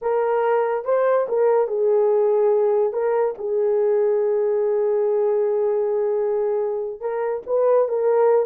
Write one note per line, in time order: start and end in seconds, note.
0.01 0.84 A#4
0.84 1.26 C5
1.28 1.67 A#4
1.67 2.93 G#4
2.93 3.35 A#4
3.38 7.00 G#4
7.00 7.42 A#4
7.46 7.88 B4
7.88 8.46 A#4